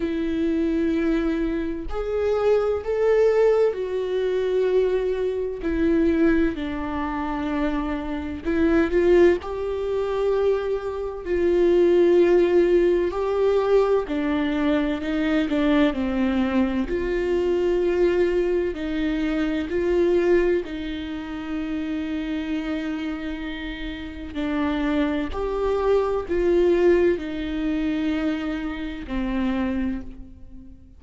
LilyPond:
\new Staff \with { instrumentName = "viola" } { \time 4/4 \tempo 4 = 64 e'2 gis'4 a'4 | fis'2 e'4 d'4~ | d'4 e'8 f'8 g'2 | f'2 g'4 d'4 |
dis'8 d'8 c'4 f'2 | dis'4 f'4 dis'2~ | dis'2 d'4 g'4 | f'4 dis'2 c'4 | }